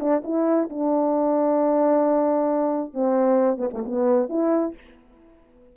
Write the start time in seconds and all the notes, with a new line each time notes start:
0.00 D4
0.24 E4
0.70 D4
2.94 C4
3.58 B3
3.73 A3
3.86 B3
4.29 E4